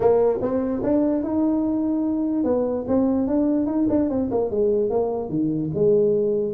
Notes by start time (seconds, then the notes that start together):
0.00 A#3
0.41 C4
0.83 D4
1.22 D#4
2.44 B3
2.87 C4
3.27 D4
3.66 D#4
3.89 D4
4.09 C4
4.30 A#3
4.50 G#3
4.89 A#3
5.29 D#3
5.74 G#3